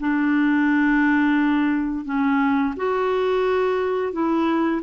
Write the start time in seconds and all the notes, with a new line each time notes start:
0.00 D4
2.05 C#4
2.76 F#4
4.13 E4